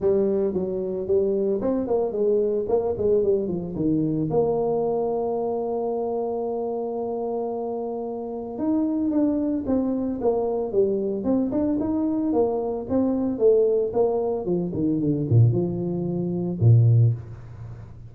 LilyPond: \new Staff \with { instrumentName = "tuba" } { \time 4/4 \tempo 4 = 112 g4 fis4 g4 c'8 ais8 | gis4 ais8 gis8 g8 f8 dis4 | ais1~ | ais1 |
dis'4 d'4 c'4 ais4 | g4 c'8 d'8 dis'4 ais4 | c'4 a4 ais4 f8 dis8 | d8 ais,8 f2 ais,4 | }